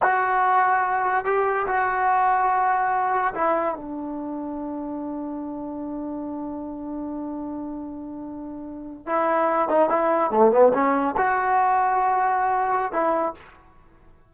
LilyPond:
\new Staff \with { instrumentName = "trombone" } { \time 4/4 \tempo 4 = 144 fis'2. g'4 | fis'1 | e'4 d'2.~ | d'1~ |
d'1~ | d'4.~ d'16 e'4. dis'8 e'16~ | e'8. a8 b8 cis'4 fis'4~ fis'16~ | fis'2. e'4 | }